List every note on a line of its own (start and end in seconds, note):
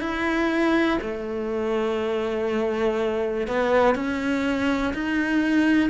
0.00 0.98 E4
1.01 3.47 A3
3.47 3.95 B3
3.95 4.93 C#4
4.94 5.90 D#4